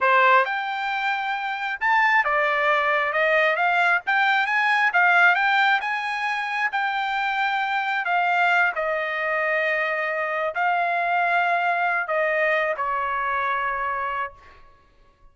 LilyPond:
\new Staff \with { instrumentName = "trumpet" } { \time 4/4 \tempo 4 = 134 c''4 g''2. | a''4 d''2 dis''4 | f''4 g''4 gis''4 f''4 | g''4 gis''2 g''4~ |
g''2 f''4. dis''8~ | dis''2.~ dis''8 f''8~ | f''2. dis''4~ | dis''8 cis''2.~ cis''8 | }